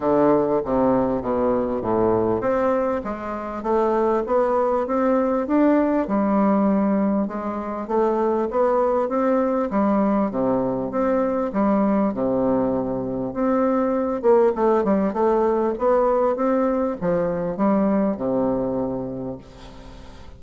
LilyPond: \new Staff \with { instrumentName = "bassoon" } { \time 4/4 \tempo 4 = 99 d4 c4 b,4 a,4 | c'4 gis4 a4 b4 | c'4 d'4 g2 | gis4 a4 b4 c'4 |
g4 c4 c'4 g4 | c2 c'4. ais8 | a8 g8 a4 b4 c'4 | f4 g4 c2 | }